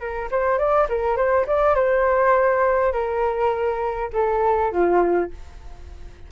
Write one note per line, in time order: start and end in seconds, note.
0.00 0.29 A#4
0.31 0.58 C5
0.58 0.88 D5
0.89 1.17 A#4
1.17 1.46 C5
1.47 1.75 D5
1.75 2.93 C5
2.93 4.10 A#4
4.13 4.72 A4
4.72 5.31 F4